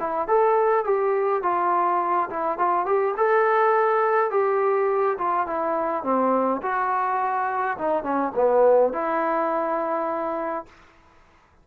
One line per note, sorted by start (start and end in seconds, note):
0.00 0.28 E4
0.28 0.85 A4
0.85 1.43 G4
1.43 2.30 F4
2.30 2.59 E4
2.59 2.86 F4
2.86 3.15 G4
3.17 4.31 A4
4.31 5.18 G4
5.19 5.47 F4
5.47 6.04 E4
6.04 6.62 C4
6.63 7.78 F#4
7.78 8.04 D#4
8.04 8.33 C#4
8.35 8.93 B3
8.93 10.66 E4